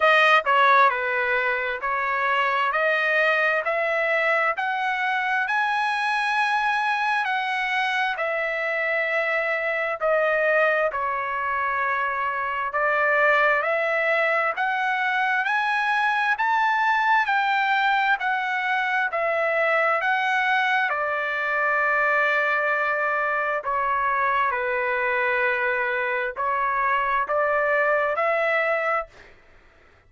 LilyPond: \new Staff \with { instrumentName = "trumpet" } { \time 4/4 \tempo 4 = 66 dis''8 cis''8 b'4 cis''4 dis''4 | e''4 fis''4 gis''2 | fis''4 e''2 dis''4 | cis''2 d''4 e''4 |
fis''4 gis''4 a''4 g''4 | fis''4 e''4 fis''4 d''4~ | d''2 cis''4 b'4~ | b'4 cis''4 d''4 e''4 | }